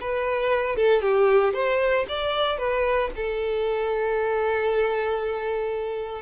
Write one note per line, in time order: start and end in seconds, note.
0.00 0.75 B4
0.75 1.01 A4
1.01 1.53 G4
1.53 2.05 C5
2.08 2.58 D5
2.58 3.10 B4
3.15 6.21 A4